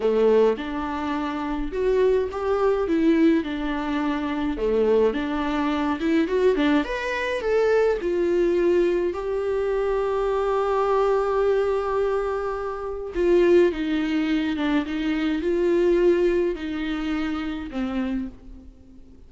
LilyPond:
\new Staff \with { instrumentName = "viola" } { \time 4/4 \tempo 4 = 105 a4 d'2 fis'4 | g'4 e'4 d'2 | a4 d'4. e'8 fis'8 d'8 | b'4 a'4 f'2 |
g'1~ | g'2. f'4 | dis'4. d'8 dis'4 f'4~ | f'4 dis'2 c'4 | }